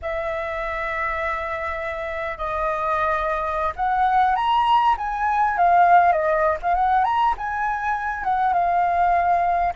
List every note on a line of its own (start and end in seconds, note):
0.02 2.37 E5
2.37 3.72 D#5
3.76 4.35 F#5
4.35 4.95 A#5
4.97 5.57 G#5
5.57 6.12 F5
6.12 6.57 D#5
6.62 6.74 F5
6.74 7.04 F#5
7.04 7.34 A#5
7.37 8.24 G#5
8.24 8.53 F#5
8.53 9.73 F5